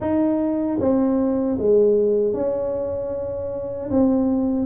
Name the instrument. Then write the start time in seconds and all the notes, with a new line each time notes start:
tuba
0.00 D#4
0.80 C4
1.58 G#3
2.33 C#4
3.90 C4